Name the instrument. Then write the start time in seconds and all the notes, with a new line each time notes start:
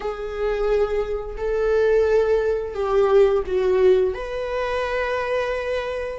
viola
0.00 G#4
1.37 A4
2.74 G4
3.46 F#4
4.14 B4